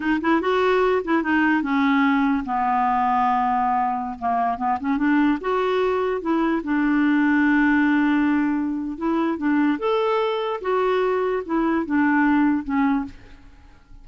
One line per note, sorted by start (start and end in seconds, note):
0.00 0.20 D#4
0.21 0.41 E4
0.41 1.02 F#4
1.04 1.22 E4
1.22 1.62 D#4
1.62 2.44 C#4
2.45 4.18 B3
4.18 4.57 A#3
4.57 4.78 B3
4.80 4.97 C#4
4.97 5.38 D4
5.40 6.21 F#4
6.21 6.62 E4
6.63 8.97 D4
8.97 9.37 E4
9.37 9.78 D4
9.78 10.60 A4
10.61 11.42 F#4
11.45 11.85 E4
11.85 12.63 D4
12.63 13.04 C#4